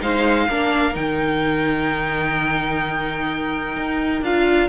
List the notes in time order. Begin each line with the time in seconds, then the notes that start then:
0.00 G#3 D#4 C5 F5
0.48 A#3 D4 A#4
0.93 D#3 D#4 G5
3.76 D#4
4.21 D4 F4 F5